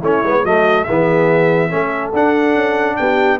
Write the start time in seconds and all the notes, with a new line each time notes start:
0.00 A3 C#4 E4 C#5
0.23 G#3 B3
0.44 F#3 A3 F#4 D#5
0.84 E3 B3 G#4 E5
1.70 A3 C#4 A4
2.13 D4 F#5
2.55 C#4
2.96 B3 G4 G5